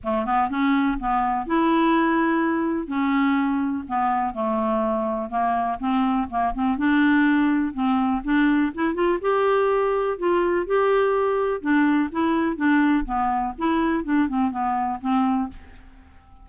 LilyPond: \new Staff \with { instrumentName = "clarinet" } { \time 4/4 \tempo 4 = 124 a8 b8 cis'4 b4 e'4~ | e'2 cis'2 | b4 a2 ais4 | c'4 ais8 c'8 d'2 |
c'4 d'4 e'8 f'8 g'4~ | g'4 f'4 g'2 | d'4 e'4 d'4 b4 | e'4 d'8 c'8 b4 c'4 | }